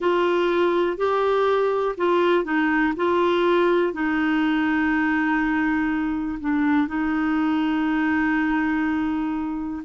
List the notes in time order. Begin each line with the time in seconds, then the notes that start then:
0.00 F4
0.97 G4
1.97 F4
2.44 D#4
2.96 F4
3.93 D#4
6.40 D4
6.87 D#4